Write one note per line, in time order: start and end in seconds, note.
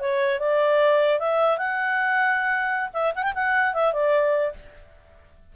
0.00 0.40 C#5
0.40 1.20 D5
1.20 1.58 E5
1.58 2.90 F#5
2.94 3.14 E5
3.15 3.23 F#5
3.23 3.34 G5
3.35 3.74 F#5
3.74 3.93 E5
3.93 4.54 D5